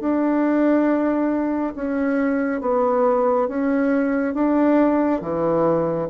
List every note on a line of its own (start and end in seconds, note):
0.00 1.74 D4
1.75 2.61 C#4
2.61 3.48 B3
3.48 4.34 C#4
4.34 5.21 D4
5.21 6.08 E3